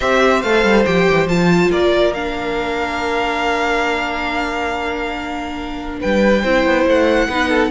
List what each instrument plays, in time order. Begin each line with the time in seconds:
0.00 cello C4, viola G4, violin C5 E5
0.41 cello A3, viola A4, violin F5
0.63 cello G3
0.85 cello F3, viola G4, violin G5
1.10 cello E3
1.26 cello F3, viola F4, violin A5
1.70 cello A#3, violin A#4 D5
2.13 viola D4, violin F5
6.00 cello G3, violin B4 G5
6.41 cello C4, viola E4, violin C5
6.65 cello B3
6.87 cello A3, violin F#5
7.27 cello B3, viola D#4, violin B4
7.49 violin A4